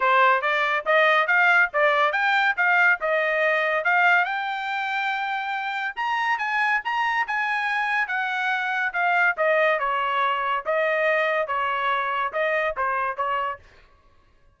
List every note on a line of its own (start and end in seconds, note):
0.00 0.41 C5
0.41 0.84 D5
0.85 1.27 D#5
1.27 1.69 F5
1.73 2.12 D5
2.12 2.55 G5
2.56 2.99 F5
3.01 3.84 D#5
3.84 4.24 F5
4.24 5.95 G5
5.96 6.38 A#5
6.38 6.80 G#5
6.84 7.26 A#5
7.27 8.07 G#5
8.07 8.92 F#5
8.93 9.36 F5
9.37 9.79 D#5
9.79 10.64 C#5
10.65 11.47 D#5
11.47 12.32 C#5
12.32 12.75 D#5
12.76 13.16 C5
13.16 13.59 C#5